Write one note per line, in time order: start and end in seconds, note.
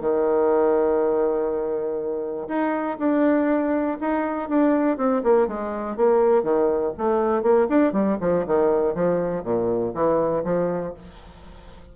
0.00 2.48 D#3
2.48 2.98 D#4
2.99 3.98 D4
4.01 4.49 D#4
4.49 4.98 D4
4.98 5.22 C4
5.23 5.47 A#3
5.47 5.96 G#3
5.96 6.43 A#3
6.43 6.93 D#3
6.98 7.43 A3
7.43 7.67 A#3
7.69 7.93 D4
7.93 8.18 G3
8.21 8.45 F3
8.47 8.95 D#3
8.95 9.43 F3
9.43 9.93 A#2
9.94 10.44 E3
10.44 10.94 F3